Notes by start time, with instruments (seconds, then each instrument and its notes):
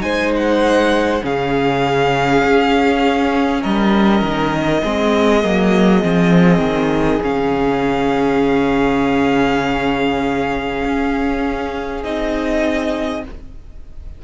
0.00 cello G#3, viola D#4, violin C5 G#5
0.36 violin F#5
1.22 cello C#3, viola C#4, violin G#4 F5
2.44 cello C#4
3.62 cello G3, violin A#4 D#5
4.21 cello D#3
4.82 cello G#3, viola C4, violin G#4
5.43 cello F#3, viola A#3
6.03 cello F3, viola C4
6.59 cello D#3
7.21 cello C#3, viola C#4, violin F5
10.84 cello C#4
12.04 cello C4, viola D#4, violin D#5